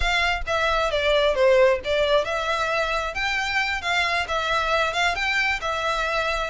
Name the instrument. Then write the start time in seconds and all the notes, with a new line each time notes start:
violin
0.00 F5
0.46 E5
0.90 D5
1.34 C5
1.84 D5
2.24 E5
3.14 G5
3.81 F5
4.28 E5
4.93 F5
5.15 G5
5.61 E5